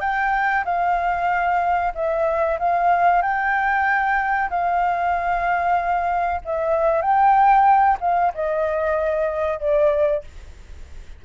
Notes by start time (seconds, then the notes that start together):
0.00 G5
0.65 F5
1.95 E5
2.59 F5
3.22 G5
4.50 F5
6.45 E5
7.02 G5
8.00 F5
8.34 D#5
9.59 D5